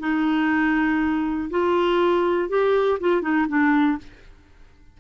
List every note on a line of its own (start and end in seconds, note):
0.00 1.50 D#4
1.51 2.50 F4
2.50 3.00 G4
3.00 3.22 F4
3.22 3.47 D#4
3.48 3.98 D4